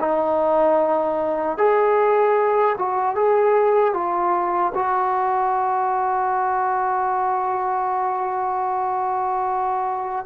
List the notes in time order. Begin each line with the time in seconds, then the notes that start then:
0.00 D#4
1.58 G#4
2.78 F#4
3.15 G#4
3.94 F4
4.74 F#4